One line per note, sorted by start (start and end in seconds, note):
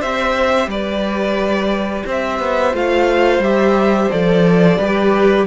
0.00 0.67 C4
0.00 2.74 G4
0.00 0.68 C5
0.00 0.70 E5
0.67 2.04 G3
0.67 2.06 B4
0.67 2.07 D5
2.06 2.40 C4
2.06 4.78 C5
2.06 2.76 E5
2.40 2.74 B3
2.74 3.39 A3
2.74 3.42 F4
2.74 3.43 F5
3.39 4.07 G3
3.39 4.12 G4
3.39 4.11 E5
4.11 4.78 F3
4.11 4.80 A4
4.11 5.47 D5
4.78 5.47 G3
4.78 5.47 G4
4.78 5.47 B4